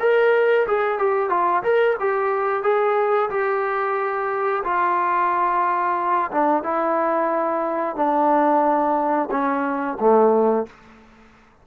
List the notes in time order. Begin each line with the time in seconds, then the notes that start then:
0.00 A#4
0.67 G#4
0.99 G4
1.30 F4
1.63 A#4
2.00 G4
2.63 G#4
3.30 G4
4.64 F4
6.31 D4
6.63 E4
7.96 D4
9.31 C#4
10.00 A3